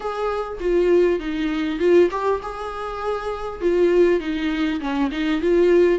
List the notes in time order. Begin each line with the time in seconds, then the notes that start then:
0.00 G#4
0.60 F4
1.19 D#4
1.79 F4
2.10 G4
2.42 G#4
3.61 F4
4.19 D#4
4.80 C#4
5.11 D#4
5.41 F4